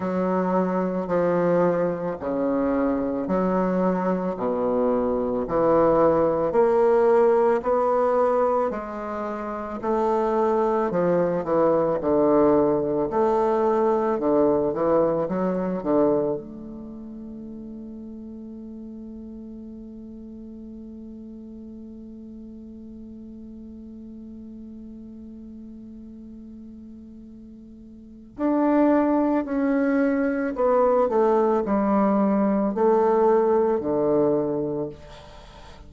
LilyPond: \new Staff \with { instrumentName = "bassoon" } { \time 4/4 \tempo 4 = 55 fis4 f4 cis4 fis4 | b,4 e4 ais4 b4 | gis4 a4 f8 e8 d4 | a4 d8 e8 fis8 d8 a4~ |
a1~ | a1~ | a2 d'4 cis'4 | b8 a8 g4 a4 d4 | }